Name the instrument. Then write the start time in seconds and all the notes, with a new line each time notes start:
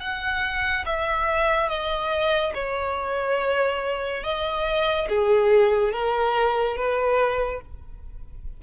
violin
0.00 F#5
0.86 E5
1.69 D#5
2.54 C#5
4.24 D#5
5.09 G#4
5.93 A#4
6.77 B4